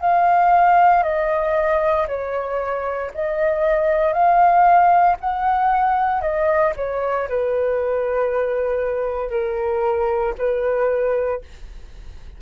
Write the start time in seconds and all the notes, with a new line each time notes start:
0.00 F5
1.03 D#5
2.07 C#5
3.14 D#5
4.12 F5
5.20 F#5
6.21 D#5
6.76 C#5
7.28 B4
9.30 A#4
10.38 B4